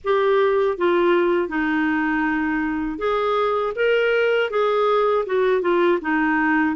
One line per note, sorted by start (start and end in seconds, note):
0.04 0.77 G4
0.77 1.48 F4
1.48 2.98 D#4
2.98 3.73 G#4
3.75 4.50 A#4
4.50 5.25 G#4
5.26 5.61 F#4
5.61 5.99 F4
6.01 6.75 D#4